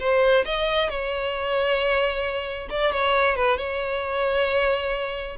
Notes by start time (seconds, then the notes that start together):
0.00 C5
0.45 D#5
0.90 C#5
2.70 D5
2.92 C#5
3.36 B4
3.58 C#5